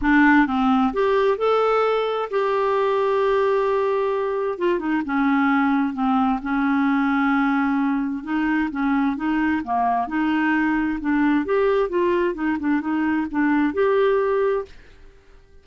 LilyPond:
\new Staff \with { instrumentName = "clarinet" } { \time 4/4 \tempo 4 = 131 d'4 c'4 g'4 a'4~ | a'4 g'2.~ | g'2 f'8 dis'8 cis'4~ | cis'4 c'4 cis'2~ |
cis'2 dis'4 cis'4 | dis'4 ais4 dis'2 | d'4 g'4 f'4 dis'8 d'8 | dis'4 d'4 g'2 | }